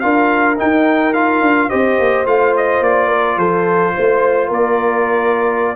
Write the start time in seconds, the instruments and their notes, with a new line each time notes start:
0.00 tuba D4, trombone F4, horn A#4, trumpet F5
0.57 trombone D#4, tuba D#4, trumpet G5
1.14 trombone F4, trumpet F5
1.42 tuba D4
1.70 tuba C4, trombone G4, horn C5, trumpet D#5
1.99 tuba A#3
2.26 tuba A3, trombone F4, trumpet F5
2.57 trumpet D#5
2.81 tuba A#3, trumpet D5
3.08 horn A#4
3.37 tuba F3, horn A4, trumpet C5
3.95 tuba A3, horn C5
4.48 tuba A#3, horn A#4, trumpet D5